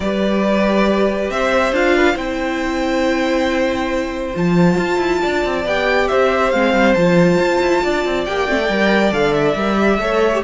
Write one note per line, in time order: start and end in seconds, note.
0.00 1.29 G3
0.00 1.74 G4
0.00 1.32 B4
0.00 1.30 D5
1.29 1.72 C4
1.29 1.96 C5
1.29 1.73 E5
1.72 2.15 D4
1.72 2.15 F4
1.72 2.17 F5
1.96 2.13 B4
2.13 4.33 C4
2.13 4.33 E4
2.13 5.18 C5
2.13 4.35 G5
4.34 4.77 F3
4.34 5.64 F4
4.34 5.67 A5
4.77 4.97 F4
4.97 5.19 E4
5.22 5.44 D4
5.22 6.09 D5
5.44 5.64 C4
5.64 6.08 B3
5.64 6.53 G4
5.64 6.08 G5
6.08 6.53 C4
6.08 7.83 C5
6.08 6.50 E5
6.50 6.73 G#3
6.50 6.96 C4
6.50 6.94 F5
6.73 6.94 G3
6.94 7.38 F3
6.94 8.27 F4
6.94 8.24 A5
7.38 7.59 F4
7.60 7.81 E4
7.83 8.05 D4
7.83 10.00 D5
8.05 8.26 C4
8.25 8.47 A#3
8.25 8.47 G4
8.25 9.12 G5
8.47 8.68 A3
8.47 8.58 C4
8.61 8.69 A4
8.68 9.12 G3
8.68 9.11 A#4
9.11 9.55 D3
9.11 9.55 A4
9.11 9.33 F5
9.33 10.42 E5
9.55 9.98 G3
9.55 9.76 A#4
9.76 9.98 G4
9.98 10.42 A3
9.98 10.33 A4
9.98 10.43 C#5
10.33 10.43 G4